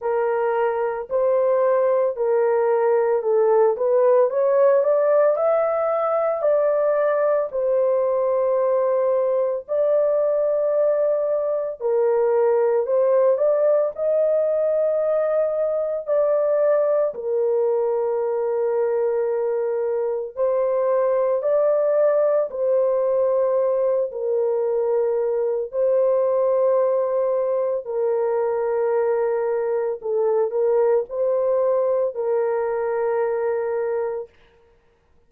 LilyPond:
\new Staff \with { instrumentName = "horn" } { \time 4/4 \tempo 4 = 56 ais'4 c''4 ais'4 a'8 b'8 | cis''8 d''8 e''4 d''4 c''4~ | c''4 d''2 ais'4 | c''8 d''8 dis''2 d''4 |
ais'2. c''4 | d''4 c''4. ais'4. | c''2 ais'2 | a'8 ais'8 c''4 ais'2 | }